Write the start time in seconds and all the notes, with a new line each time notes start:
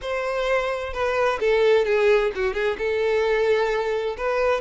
0.01 C5
0.93 B4
1.40 A4
1.85 G#4
2.35 F#4
2.53 G#4
2.78 A4
4.17 B4